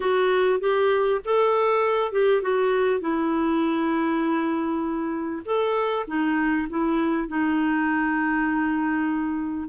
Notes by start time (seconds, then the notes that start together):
0.00 F#4
0.60 G4
1.24 A4
2.12 G4
2.41 F#4
3.00 E4
5.45 A4
6.07 D#4
6.69 E4
7.28 D#4